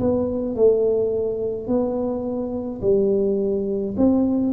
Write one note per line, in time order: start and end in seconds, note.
0.00 0.56 B3
0.56 1.68 A3
1.68 2.81 B3
2.82 3.95 G3
3.97 4.53 C4